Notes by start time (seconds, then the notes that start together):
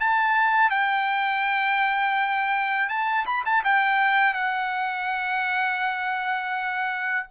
0.00 A5
0.71 G5
2.89 A5
3.26 B5
3.46 A5
3.65 G5
4.34 F#5